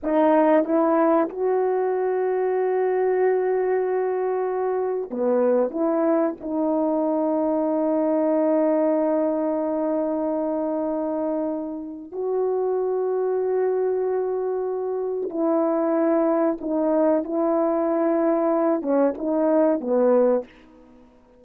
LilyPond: \new Staff \with { instrumentName = "horn" } { \time 4/4 \tempo 4 = 94 dis'4 e'4 fis'2~ | fis'1 | b4 e'4 dis'2~ | dis'1~ |
dis'2. fis'4~ | fis'1 | e'2 dis'4 e'4~ | e'4. cis'8 dis'4 b4 | }